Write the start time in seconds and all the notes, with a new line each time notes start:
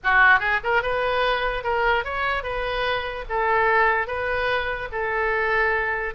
0.03 F#4
0.39 G#4
0.63 A#4
0.82 B4
1.63 A#4
2.04 C#5
2.43 B4
3.29 A4
4.07 B4
4.92 A4